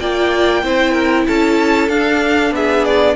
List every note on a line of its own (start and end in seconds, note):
0.00 0.63 A#3
0.00 0.64 F4
0.00 0.64 D5
0.00 1.27 G5
0.63 1.27 C4
0.63 1.90 E4
0.63 0.92 C5
0.92 1.24 A#4
1.27 1.89 C#4
1.27 2.55 A4
1.27 1.89 A5
1.89 2.51 D4
1.89 3.16 D4
1.89 2.53 F5
2.51 3.15 B3
2.51 3.16 G#4
2.51 2.85 E5
2.85 3.16 D5